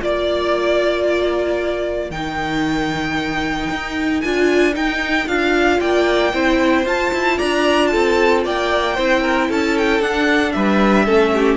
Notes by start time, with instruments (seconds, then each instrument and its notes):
0.00 cello A#3, viola F4, violin D5
1.07 violin A#4
2.10 cello D#3, viola D#4, violin G5
3.70 cello D#4
4.21 cello D4, viola F4, violin G#5
4.72 viola D#4, cello D#4, violin G5
5.26 cello D4, viola F4, violin F5
5.80 cello A#3, violin D5 G5
6.33 cello C4, viola E4, violin C5
6.85 cello F4, viola F4, violin A5
7.13 cello E4
7.37 cello D4, violin D5 A#5
7.87 violin A4 A5
7.94 cello C4
8.44 cello A#3, violin D5 G5
8.94 cello C4, viola E4, violin C5
9.21 violin A#4
9.48 cello C#4, violin A4 A5
9.77 violin G5
10.00 cello D4, viola D4, violin F#5
10.52 cello G3, violin B4 E5
11.05 cello A3, viola C#4, violin A4
11.33 violin G4